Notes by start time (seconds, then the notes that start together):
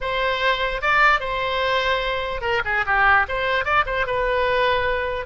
0.01 C5
0.81 D5
1.20 C5
2.41 A#4
2.64 G#4
2.86 G4
3.28 C5
3.64 D5
3.86 C5
4.06 B4